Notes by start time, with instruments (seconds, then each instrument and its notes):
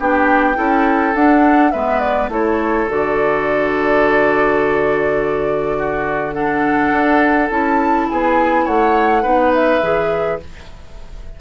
0.00 bassoon B3, clarinet D4, oboe G4, flute G5
0.56 bassoon C#4, clarinet E4, oboe A4
1.15 bassoon D4, clarinet D4, flute F#5
1.72 bassoon G#3, clarinet B3, oboe B4, flute E5
2.00 flute D5
2.29 bassoon A3, clarinet E4, oboe A4, flute C#5
2.89 bassoon D3, clarinet F#4, flute D5
5.78 oboe F#4
6.33 clarinet D4, oboe A4, flute F#5
6.92 bassoon D4
7.50 bassoon C#4, clarinet E4, flute A5
8.09 bassoon B3, oboe G#4, flute G#5
8.65 bassoon A3, oboe C#5, flute F#5
9.23 bassoon B3, clarinet D#4, oboe B4
9.54 flute E5
9.82 bassoon E3, clarinet G#4